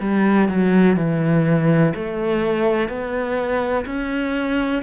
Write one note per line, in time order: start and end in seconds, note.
0.00 0.48 G3
0.48 0.96 F#3
0.96 1.93 E3
1.95 2.89 A3
2.89 3.85 B3
3.86 4.83 C#4